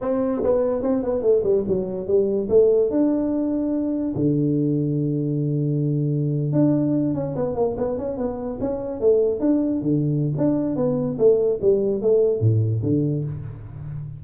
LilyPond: \new Staff \with { instrumentName = "tuba" } { \time 4/4 \tempo 4 = 145 c'4 b4 c'8 b8 a8 g8 | fis4 g4 a4 d'4~ | d'2 d2~ | d2.~ d8. d'16~ |
d'4~ d'16 cis'8 b8 ais8 b8 cis'8 b16~ | b8. cis'4 a4 d'4 d16~ | d4 d'4 b4 a4 | g4 a4 a,4 d4 | }